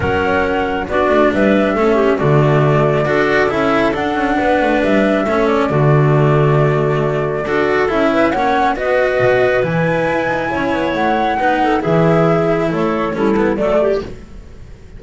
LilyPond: <<
  \new Staff \with { instrumentName = "flute" } { \time 4/4 \tempo 4 = 137 fis''2 d''4 e''4~ | e''4 d''2. | e''4 fis''2 e''4~ | e''8 d''2.~ d''8~ |
d''2 e''4 fis''4 | dis''2 gis''2~ | gis''4 fis''2 e''4~ | e''4 cis''4 a'4 d''4 | }
  \new Staff \with { instrumentName = "clarinet" } { \time 4/4 ais'2 fis'4 b'4 | a'8 g'8 fis'2 a'4~ | a'2 b'2 | a'4 fis'2.~ |
fis'4 a'4. b'8 cis''4 | b'1 | cis''2 b'8 a'8 gis'4~ | gis'4 a'4 e'4 a'8 g'8 | }
  \new Staff \with { instrumentName = "cello" } { \time 4/4 cis'2 d'2 | cis'4 a2 fis'4 | e'4 d'2. | cis'4 a2.~ |
a4 fis'4 e'4 cis'4 | fis'2 e'2~ | e'2 dis'4 e'4~ | e'2 cis'8 b8 a4 | }
  \new Staff \with { instrumentName = "double bass" } { \time 4/4 fis2 b8 a8 g4 | a4 d2 d'4 | cis'4 d'8 cis'8 b8 a8 g4 | a4 d2.~ |
d4 d'4 cis'4 ais4 | b4 b,4 e4 e'8 dis'8 | cis'8 b8 a4 b4 e4~ | e4 a4 g4 fis4 | }
>>